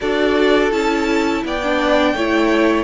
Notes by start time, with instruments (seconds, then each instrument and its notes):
0.01 cello D4, viola F#4, violin A4 D5
0.71 cello C#4, viola E4, violin A5
1.44 cello B3, violin D5 G5
1.63 viola D4
2.14 cello A3, viola E4, violin C#5